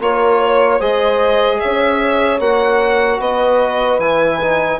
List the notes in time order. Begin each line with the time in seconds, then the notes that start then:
0.00 A#3 F4 A#4 C#5
0.39 C#5
0.79 G#3 G#4 C5 D#5
1.60 C#4 C#5 E5
2.39 A#3 F#4 F#5
3.19 B3 B4 D#5
3.98 E3 E4 G#5
4.41 D#4